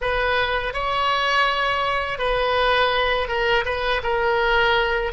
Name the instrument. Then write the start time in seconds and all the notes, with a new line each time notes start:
oboe
0.01 B4
0.73 C#5
2.18 B4
3.28 A#4
3.65 B4
4.03 A#4